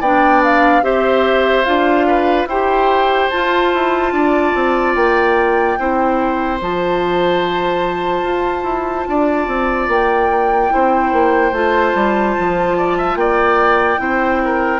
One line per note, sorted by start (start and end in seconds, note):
0.00 0.82 B3
0.00 0.82 D4
0.00 0.82 D5
0.00 0.42 G5
0.43 0.84 F5
0.82 1.64 C4
0.82 1.64 G4
0.82 2.07 C5
0.82 1.64 E5
1.64 2.45 D4
1.64 2.47 F4
1.64 2.46 F5
2.07 2.48 B4
2.45 3.27 E4
2.45 3.32 G4
2.45 4.13 C5
2.45 3.30 G5
3.30 5.78 F4
3.30 3.73 F4
3.30 4.94 A5
3.73 4.12 E4
4.12 4.53 D4
4.12 5.78 D5
4.54 4.95 C4
4.95 5.77 A#3
4.95 6.59 G5
5.78 6.60 C4
5.78 6.60 E4
5.78 9.08 C5
6.60 8.23 F3
6.60 10.70 F4
6.60 9.90 A5
8.23 8.63 F4
8.63 9.04 E4
9.08 9.47 D4
9.08 10.73 D5
9.47 9.87 C4
9.87 10.70 A#3
9.87 11.54 G5
10.70 11.12 C4
10.70 11.52 E4
10.70 12.77 C5
11.12 11.51 A#3
11.51 11.92 A3
11.51 13.97 F4
11.51 13.16 A5
11.94 12.35 G3
12.38 13.15 F3
12.77 12.97 D5
12.97 13.18 E5
13.15 13.97 A#3
13.15 14.00 D5
13.15 14.79 G5
13.97 14.79 C4
13.97 14.79 E4
13.97 14.41 C5
14.44 14.79 A#4